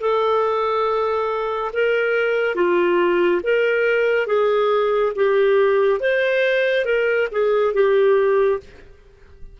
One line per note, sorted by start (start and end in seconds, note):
0.00 1.71 A4
1.73 2.55 A#4
2.55 3.41 F4
3.43 4.27 A#4
4.27 5.12 G#4
5.15 6.00 G4
6.00 6.85 C5
6.85 7.28 A#4
7.32 7.74 G#4
7.74 8.59 G4